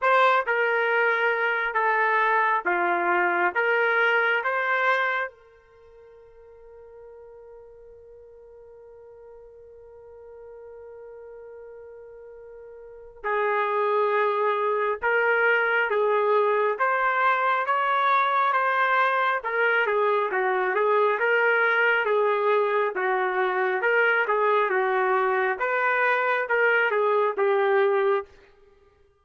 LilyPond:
\new Staff \with { instrumentName = "trumpet" } { \time 4/4 \tempo 4 = 68 c''8 ais'4. a'4 f'4 | ais'4 c''4 ais'2~ | ais'1~ | ais'2. gis'4~ |
gis'4 ais'4 gis'4 c''4 | cis''4 c''4 ais'8 gis'8 fis'8 gis'8 | ais'4 gis'4 fis'4 ais'8 gis'8 | fis'4 b'4 ais'8 gis'8 g'4 | }